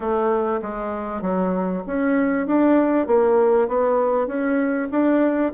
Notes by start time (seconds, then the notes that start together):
0.00 A3
0.62 G#3
1.21 F#3
1.86 C#4
2.46 D4
3.06 A#3
3.68 B3
4.27 C#4
4.91 D4